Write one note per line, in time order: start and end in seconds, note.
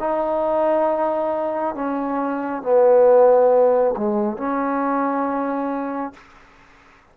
0.00 1.75 D#4
1.75 2.63 C#4
2.63 3.95 B3
3.97 4.38 G#3
4.38 6.14 C#4